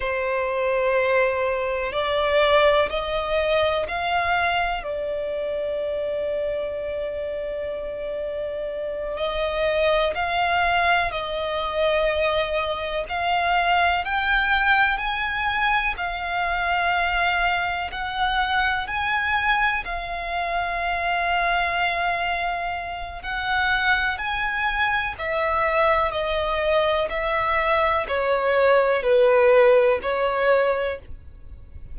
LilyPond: \new Staff \with { instrumentName = "violin" } { \time 4/4 \tempo 4 = 62 c''2 d''4 dis''4 | f''4 d''2.~ | d''4. dis''4 f''4 dis''8~ | dis''4. f''4 g''4 gis''8~ |
gis''8 f''2 fis''4 gis''8~ | gis''8 f''2.~ f''8 | fis''4 gis''4 e''4 dis''4 | e''4 cis''4 b'4 cis''4 | }